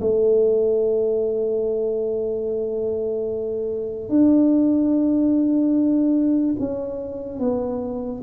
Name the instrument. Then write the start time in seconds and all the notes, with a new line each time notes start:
tuba
0.00 A3
4.09 D4
6.59 C#4
7.39 B3